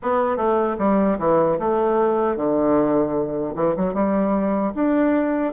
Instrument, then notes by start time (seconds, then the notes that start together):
bassoon
0.02 B3
0.36 A3
0.78 G3
1.18 E3
1.59 A3
2.36 D3
3.55 E3
3.76 F#3
3.94 G3
4.74 D4